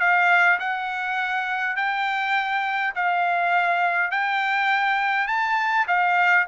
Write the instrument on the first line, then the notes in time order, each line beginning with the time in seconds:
trumpet
0.00 F5
0.60 F#5
1.76 G5
2.95 F5
4.11 G5
5.28 A5
5.87 F5